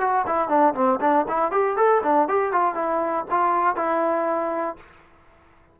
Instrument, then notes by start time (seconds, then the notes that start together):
trombone
0.00 F#4
0.26 E4
0.48 D4
0.74 C4
1.00 D4
1.28 E4
1.51 G4
1.76 A4
2.03 D4
2.28 G4
2.52 F4
2.74 E4
3.30 F4
3.76 E4